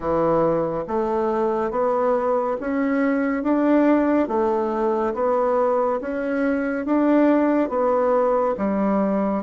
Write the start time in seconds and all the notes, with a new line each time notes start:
0.00 E3
0.87 A3
1.71 B3
2.60 C#4
3.43 D4
4.28 A3
5.14 B3
6.00 C#4
6.85 D4
7.69 B3
8.57 G3